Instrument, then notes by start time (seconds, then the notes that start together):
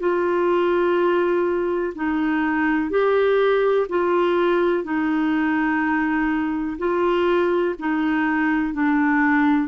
clarinet
0.00 F4
1.95 D#4
2.90 G4
3.89 F4
4.84 D#4
6.78 F4
7.79 D#4
8.74 D4